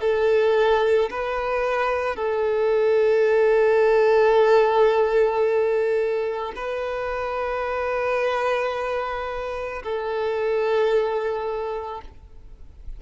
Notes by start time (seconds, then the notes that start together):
0.00 A4
1.10 B4
2.16 A4
6.56 B4
9.83 A4